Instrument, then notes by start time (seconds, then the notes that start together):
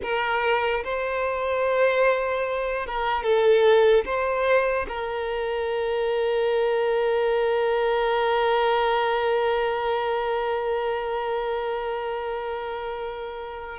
violin
0.02 A#4
0.83 C5
2.86 A#4
3.23 A4
4.05 C5
4.88 A#4